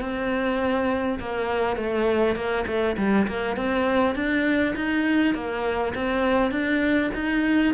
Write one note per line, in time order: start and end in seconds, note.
0.00 1.19 C4
1.19 1.76 A#3
1.76 2.35 A3
2.35 2.65 A#3
2.67 2.96 A3
2.97 3.27 G3
3.27 3.56 A#3
3.56 4.15 C4
4.15 4.74 D4
4.76 5.34 D#4
5.34 5.94 A#3
5.95 6.51 C4
6.51 7.10 D4
7.14 7.74 D#4